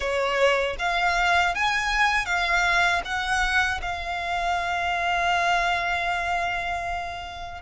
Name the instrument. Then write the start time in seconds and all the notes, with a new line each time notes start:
violin
0.00 C#5
0.78 F5
1.54 G#5
2.25 F5
3.04 F#5
3.81 F5